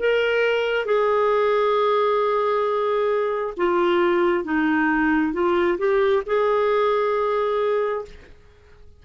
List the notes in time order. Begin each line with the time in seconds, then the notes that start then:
0.00 A#4
0.86 G#4
3.57 F4
4.45 D#4
5.33 F4
5.78 G4
6.26 G#4